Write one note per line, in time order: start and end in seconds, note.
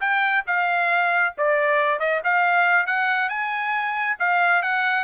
0.00 0.44 G5
0.46 1.34 F5
1.37 1.99 D5
1.99 2.21 D#5
2.24 2.86 F5
2.86 3.29 F#5
3.29 4.16 G#5
4.19 4.62 F5
4.62 5.04 F#5